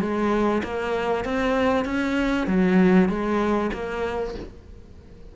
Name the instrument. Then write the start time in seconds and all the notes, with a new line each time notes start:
cello
0.00 G#3
0.63 A#3
1.24 C4
1.85 C#4
2.47 F#3
3.08 G#3
3.73 A#3